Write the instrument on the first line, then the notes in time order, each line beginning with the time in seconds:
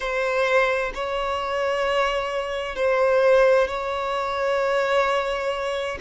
violin
0.00 C5
0.94 C#5
2.75 C5
3.67 C#5